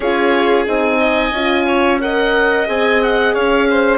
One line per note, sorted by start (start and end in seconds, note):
0.00 0.66 C#4
0.00 0.66 F4
0.00 0.98 G#4
0.00 0.64 C#5
0.66 1.31 C4
0.66 1.32 D#4
0.66 2.01 G#5
0.99 1.66 D#5
1.31 2.65 C#4
1.31 2.01 F4
1.67 2.00 C#5
2.01 2.66 A#4
2.01 3.34 D#5
2.01 2.67 F#5
2.66 3.34 C4
2.66 3.98 G#4
2.66 3.02 G#5
3.02 3.35 F#5
3.34 3.98 C#4
3.34 3.67 C#5
3.34 3.98 F5
3.70 3.98 C5